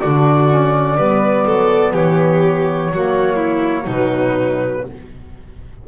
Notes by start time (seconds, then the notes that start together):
0.00 D3 D4 F#4 D5
0.49 C#4
0.97 G3 B3 B4
1.46 F#3 A4
1.93 E3 G4 C#5
2.91 F#3 A#3 F#4
3.36 E4
3.85 B2 F#3 D#4
3.92 B4